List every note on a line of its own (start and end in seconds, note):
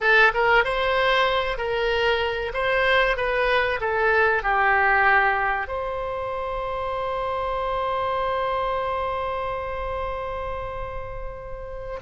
0.00 0.32 A4
0.33 0.64 A#4
0.64 1.57 C5
1.57 2.52 A#4
2.53 3.16 C5
3.16 3.80 B4
3.80 4.42 A4
4.42 5.67 G4
5.67 11.99 C5